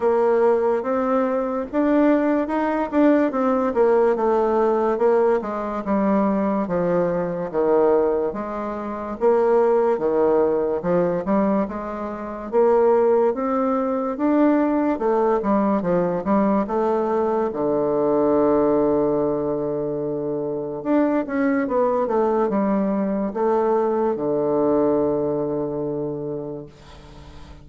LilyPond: \new Staff \with { instrumentName = "bassoon" } { \time 4/4 \tempo 4 = 72 ais4 c'4 d'4 dis'8 d'8 | c'8 ais8 a4 ais8 gis8 g4 | f4 dis4 gis4 ais4 | dis4 f8 g8 gis4 ais4 |
c'4 d'4 a8 g8 f8 g8 | a4 d2.~ | d4 d'8 cis'8 b8 a8 g4 | a4 d2. | }